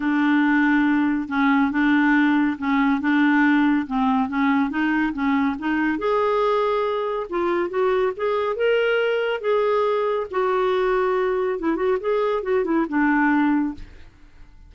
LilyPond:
\new Staff \with { instrumentName = "clarinet" } { \time 4/4 \tempo 4 = 140 d'2. cis'4 | d'2 cis'4 d'4~ | d'4 c'4 cis'4 dis'4 | cis'4 dis'4 gis'2~ |
gis'4 f'4 fis'4 gis'4 | ais'2 gis'2 | fis'2. e'8 fis'8 | gis'4 fis'8 e'8 d'2 | }